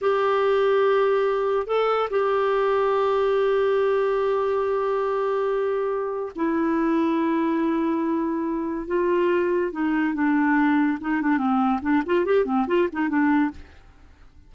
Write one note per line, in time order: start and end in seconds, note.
0.01 1.67 G4
1.67 2.09 A4
2.09 6.32 G4
6.35 8.87 E4
8.87 9.71 F4
9.72 10.14 D#4
10.14 10.98 D4
11.01 11.21 D#4
11.21 11.37 D4
11.37 11.79 C4
11.81 12.02 D4
12.05 12.25 F4
12.25 12.45 G4
12.45 12.66 C4
12.67 12.88 F4
12.92 13.08 D#4
13.08 13.51 D4